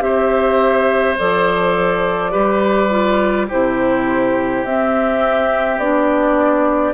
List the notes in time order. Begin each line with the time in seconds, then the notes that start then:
0.00 C4 G4 C5 E5
1.18 F3 A4 D5
2.31 G3 G4 B4
2.90 F4
3.48 C3 E4 G4 C5
4.64 C4 E5
5.78 B3 D4 D5